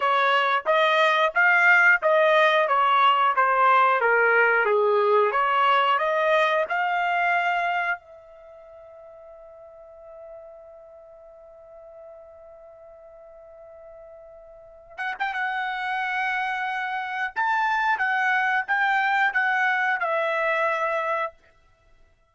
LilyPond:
\new Staff \with { instrumentName = "trumpet" } { \time 4/4 \tempo 4 = 90 cis''4 dis''4 f''4 dis''4 | cis''4 c''4 ais'4 gis'4 | cis''4 dis''4 f''2 | e''1~ |
e''1~ | e''2~ e''8 fis''16 g''16 fis''4~ | fis''2 a''4 fis''4 | g''4 fis''4 e''2 | }